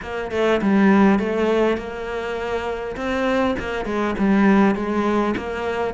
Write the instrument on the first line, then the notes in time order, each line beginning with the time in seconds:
cello
0.02 A#3
0.31 A3
0.61 G3
1.19 A3
1.77 A#3
2.96 C4
3.59 A#3
3.85 G#3
4.18 G3
4.75 G#3
5.36 A#3